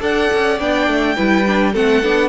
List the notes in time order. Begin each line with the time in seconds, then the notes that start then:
0.00 D4 A4 D5 F#5
0.34 C#4
0.59 B3 D4 G5
0.87 A3
1.16 G3 E4 B4
1.47 D4
1.73 A3 C4 A4 F#5
2.03 B3 D4